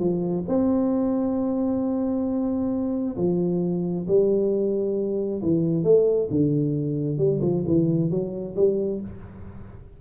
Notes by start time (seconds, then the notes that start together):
0.00 F3
0.48 C4
3.17 F3
4.08 G3
5.42 E3
5.84 A3
6.31 D3
7.18 G3
7.42 F3
7.67 E3
8.11 F#3
8.56 G3